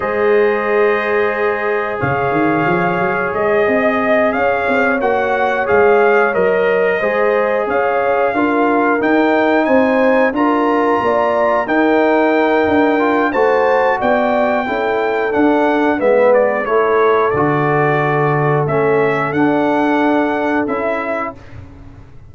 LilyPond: <<
  \new Staff \with { instrumentName = "trumpet" } { \time 4/4 \tempo 4 = 90 dis''2. f''4~ | f''4 dis''4. f''4 fis''8~ | fis''8 f''4 dis''2 f''8~ | f''4. g''4 gis''4 ais''8~ |
ais''4. g''2~ g''8 | a''4 g''2 fis''4 | e''8 d''8 cis''4 d''2 | e''4 fis''2 e''4 | }
  \new Staff \with { instrumentName = "horn" } { \time 4/4 c''2. cis''4~ | cis''4. dis''4 cis''4.~ | cis''2~ cis''8 c''4 cis''8~ | cis''8 ais'2 c''4 ais'8~ |
ais'8 d''4 ais'2~ ais'8 | c''4 d''4 a'2 | b'4 a'2.~ | a'1 | }
  \new Staff \with { instrumentName = "trombone" } { \time 4/4 gis'1~ | gis'2.~ gis'8 fis'8~ | fis'8 gis'4 ais'4 gis'4.~ | gis'8 f'4 dis'2 f'8~ |
f'4. dis'2 f'8 | fis'2 e'4 d'4 | b4 e'4 fis'2 | cis'4 d'2 e'4 | }
  \new Staff \with { instrumentName = "tuba" } { \time 4/4 gis2. cis8 dis8 | f8 fis8 gis8 c'4 cis'8 c'8 ais8~ | ais8 gis4 fis4 gis4 cis'8~ | cis'8 d'4 dis'4 c'4 d'8~ |
d'8 ais4 dis'4. d'4 | a4 b4 cis'4 d'4 | gis4 a4 d2 | a4 d'2 cis'4 | }
>>